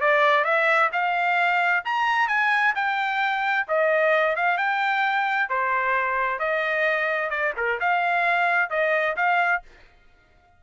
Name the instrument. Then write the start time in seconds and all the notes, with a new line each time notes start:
trumpet
0.00 D5
0.44 E5
0.92 F5
1.84 A#5
2.28 G#5
2.75 G5
3.68 D#5
4.36 F5
4.57 G5
5.49 C5
6.39 D#5
7.30 D5
7.56 A#4
7.79 F5
8.70 D#5
9.16 F5